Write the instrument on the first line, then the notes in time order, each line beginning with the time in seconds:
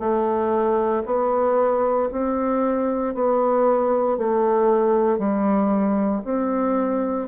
bassoon
0.00 A3
1.06 B3
2.12 C4
3.15 B3
4.18 A3
5.19 G3
6.25 C4